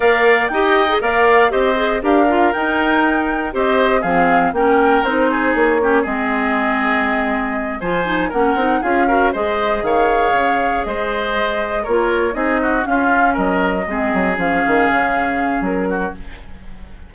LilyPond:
<<
  \new Staff \with { instrumentName = "flute" } { \time 4/4 \tempo 4 = 119 f''4 g''4 f''4 dis''4 | f''4 g''2 dis''4 | f''4 g''4 c''4 cis''4 | dis''2.~ dis''8 gis''8~ |
gis''8 fis''4 f''4 dis''4 f''8~ | f''4. dis''2 cis''8~ | cis''8 dis''4 f''4 dis''4.~ | dis''8 f''2~ f''8 ais'4 | }
  \new Staff \with { instrumentName = "oboe" } { \time 4/4 d''4 dis''4 d''4 c''4 | ais'2. c''4 | gis'4 ais'4. gis'4 g'8 | gis'2.~ gis'8 c''8~ |
c''8 ais'4 gis'8 ais'8 c''4 cis''8~ | cis''4. c''2 ais'8~ | ais'8 gis'8 fis'8 f'4 ais'4 gis'8~ | gis'2.~ gis'8 fis'8 | }
  \new Staff \with { instrumentName = "clarinet" } { \time 4/4 ais'4 g'8. gis'16 ais'4 g'8 gis'8 | g'8 f'8 dis'2 g'4 | c'4 cis'4 dis'4. cis'8 | c'2.~ c'8 f'8 |
dis'8 cis'8 dis'8 f'8 fis'8 gis'4.~ | gis'2.~ gis'8 f'8~ | f'8 dis'4 cis'2 c'8~ | c'8 cis'2.~ cis'8 | }
  \new Staff \with { instrumentName = "bassoon" } { \time 4/4 ais4 dis'4 ais4 c'4 | d'4 dis'2 c'4 | f4 ais4 c'4 ais4 | gis2.~ gis8 f8~ |
f8 ais8 c'8 cis'4 gis4 dis8~ | dis8 cis4 gis2 ais8~ | ais8 c'4 cis'4 fis4 gis8 | fis8 f8 dis8 cis4. fis4 | }
>>